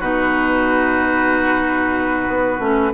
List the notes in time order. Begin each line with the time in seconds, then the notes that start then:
0.00 B2 D#4 F#4 B4
2.28 B3
2.60 A3 C#4